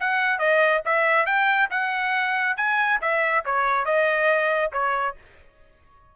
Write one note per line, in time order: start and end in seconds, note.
0.00 0.39 F#5
0.39 0.82 D#5
0.86 1.26 E5
1.26 1.69 G5
1.71 2.57 F#5
2.57 3.00 G#5
3.01 3.44 E5
3.45 3.85 C#5
3.85 4.71 D#5
4.72 5.16 C#5